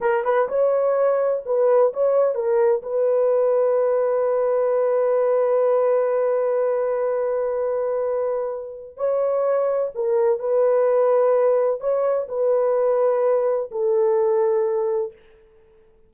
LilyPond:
\new Staff \with { instrumentName = "horn" } { \time 4/4 \tempo 4 = 127 ais'8 b'8 cis''2 b'4 | cis''4 ais'4 b'2~ | b'1~ | b'1~ |
b'2. cis''4~ | cis''4 ais'4 b'2~ | b'4 cis''4 b'2~ | b'4 a'2. | }